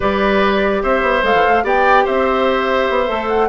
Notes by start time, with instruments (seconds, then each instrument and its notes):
0.00 bassoon G3, clarinet G4, oboe B4, flute D5
0.82 bassoon C4, oboe C5, flute E5
1.02 bassoon B3
1.22 bassoon G#3, clarinet A4, flute F5
1.34 bassoon E3
1.47 bassoon A3
1.63 bassoon B3, clarinet G4, oboe D5, flute G5
2.04 bassoon C4, oboe C5, flute E5
2.89 bassoon B3
3.06 bassoon A3, clarinet A4
3.28 flute F#5